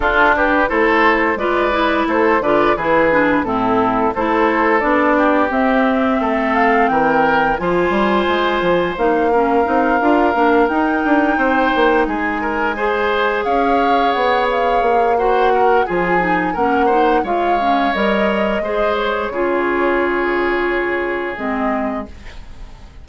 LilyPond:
<<
  \new Staff \with { instrumentName = "flute" } { \time 4/4 \tempo 4 = 87 a'8 b'8 c''4 d''4 c''8 d''8 | b'4 a'4 c''4 d''4 | e''4. f''8 g''4 gis''4~ | gis''4 f''2~ f''8 g''8~ |
g''4. gis''2 f''8~ | f''8 fis''8 f''4 fis''4 gis''4 | fis''4 f''4 dis''4. cis''8~ | cis''2. dis''4 | }
  \new Staff \with { instrumentName = "oboe" } { \time 4/4 f'8 g'8 a'4 b'4 a'8 b'8 | gis'4 e'4 a'4. g'8~ | g'4 a'4 ais'4 c''4~ | c''4. ais'2~ ais'8~ |
ais'8 c''4 gis'8 ais'8 c''4 cis''8~ | cis''2 c''8 ais'8 gis'4 | ais'8 c''8 cis''2 c''4 | gis'1 | }
  \new Staff \with { instrumentName = "clarinet" } { \time 4/4 d'4 e'4 f'8 e'4 f'8 | e'8 d'8 c'4 e'4 d'4 | c'2. f'4~ | f'4 dis'8 cis'8 dis'8 f'8 d'8 dis'8~ |
dis'2~ dis'8 gis'4.~ | gis'2 fis'4 f'8 dis'8 | cis'8 dis'8 f'8 cis'8 ais'4 gis'4 | f'2. c'4 | }
  \new Staff \with { instrumentName = "bassoon" } { \time 4/4 d'4 a4 gis4 a8 d8 | e4 a,4 a4 b4 | c'4 a4 e4 f8 g8 | gis8 f8 ais4 c'8 d'8 ais8 dis'8 |
d'8 c'8 ais8 gis2 cis'8~ | cis'8 b4 ais4. f4 | ais4 gis4 g4 gis4 | cis2. gis4 | }
>>